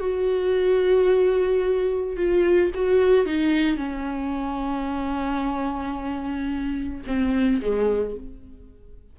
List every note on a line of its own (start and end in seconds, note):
0.00 2.17 F#4
2.17 2.71 F4
2.75 3.26 F#4
3.26 3.77 D#4
3.77 7.04 C#4
7.07 7.61 C4
7.62 8.16 G#3